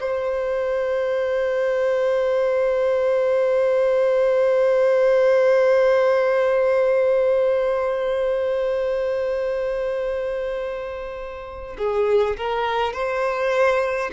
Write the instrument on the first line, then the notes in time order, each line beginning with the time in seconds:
violin
0.00 C5
11.78 G#4
12.36 A#4
12.93 C5